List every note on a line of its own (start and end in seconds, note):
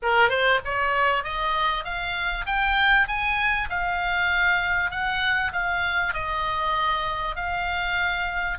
0.02 0.29 A#4
0.29 0.59 C5
0.64 1.23 C#5
1.23 1.84 D#5
1.84 2.45 F5
2.46 3.07 G5
3.07 3.68 G#5
3.69 4.90 F5
4.90 5.52 F#5
5.52 6.13 F5
6.13 7.35 D#5
7.35 8.57 F5